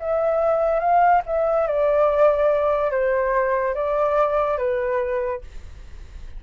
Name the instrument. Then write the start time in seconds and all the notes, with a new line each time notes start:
flute
0.00 E5
0.80 F5
1.26 E5
1.67 D5
2.91 C5
3.75 D5
4.58 B4